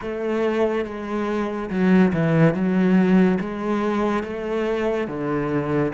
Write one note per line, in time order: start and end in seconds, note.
0.01 0.85 A3
0.85 1.69 G#3
1.70 2.12 F#3
2.13 2.54 E3
2.54 3.38 F#3
3.40 4.23 G#3
4.23 5.07 A3
5.07 5.92 D3